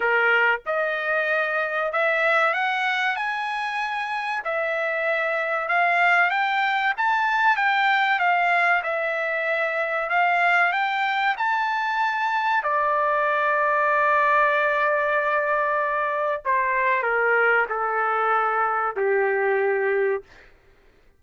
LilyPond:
\new Staff \with { instrumentName = "trumpet" } { \time 4/4 \tempo 4 = 95 ais'4 dis''2 e''4 | fis''4 gis''2 e''4~ | e''4 f''4 g''4 a''4 | g''4 f''4 e''2 |
f''4 g''4 a''2 | d''1~ | d''2 c''4 ais'4 | a'2 g'2 | }